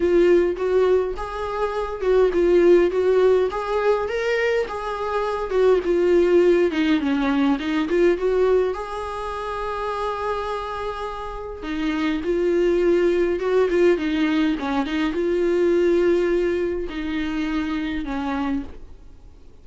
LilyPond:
\new Staff \with { instrumentName = "viola" } { \time 4/4 \tempo 4 = 103 f'4 fis'4 gis'4. fis'8 | f'4 fis'4 gis'4 ais'4 | gis'4. fis'8 f'4. dis'8 | cis'4 dis'8 f'8 fis'4 gis'4~ |
gis'1 | dis'4 f'2 fis'8 f'8 | dis'4 cis'8 dis'8 f'2~ | f'4 dis'2 cis'4 | }